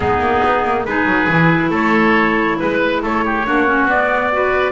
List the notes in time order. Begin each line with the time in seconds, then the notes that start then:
0.00 G#3 B3 D#4 G#4
0.19 A#3
0.44 B3
0.64 A#3
0.84 G#3 D#4 G#4 B4
1.05 F#3
1.28 E3 E4
1.70 A3 A4 C#5
2.59 G#3 B4
3.02 A3 A4 C#5
3.25 G4
3.45 A#3 D4 F#4
3.66 C#4
3.85 B3 D5
4.31 F#4 B4